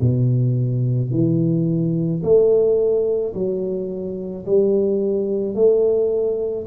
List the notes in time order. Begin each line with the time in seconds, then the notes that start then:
0.00 B2
1.11 E3
2.22 A3
3.33 F#3
4.45 G3
5.55 A3